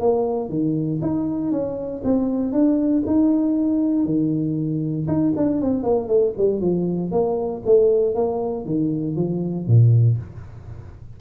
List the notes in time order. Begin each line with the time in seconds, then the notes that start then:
0.00 A#3
0.49 D#3
1.02 D#4
1.52 C#4
2.04 C4
2.52 D4
3.06 D#4
4.05 D#3
5.08 D#4
5.36 D4
5.61 C4
5.83 A#3
6.08 A3
6.38 G3
6.60 F3
7.11 A#3
7.66 A3
8.15 A#3
8.65 D#3
9.16 F3
9.67 A#2